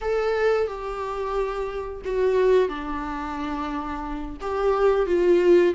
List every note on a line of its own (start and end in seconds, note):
0.01 0.67 A4
0.67 2.02 G4
2.04 2.68 F#4
2.68 4.37 D4
4.40 5.06 G4
5.06 5.73 F4